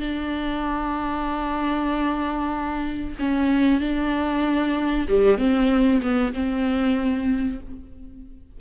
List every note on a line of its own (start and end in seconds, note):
0.00 3.16 D4
3.19 3.80 C#4
3.80 5.07 D4
5.08 5.38 G3
5.38 6.01 C4
6.02 6.33 B3
6.34 7.60 C4